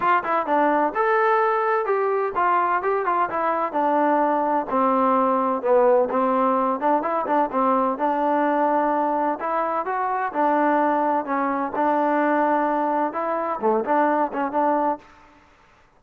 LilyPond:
\new Staff \with { instrumentName = "trombone" } { \time 4/4 \tempo 4 = 128 f'8 e'8 d'4 a'2 | g'4 f'4 g'8 f'8 e'4 | d'2 c'2 | b4 c'4. d'8 e'8 d'8 |
c'4 d'2. | e'4 fis'4 d'2 | cis'4 d'2. | e'4 a8 d'4 cis'8 d'4 | }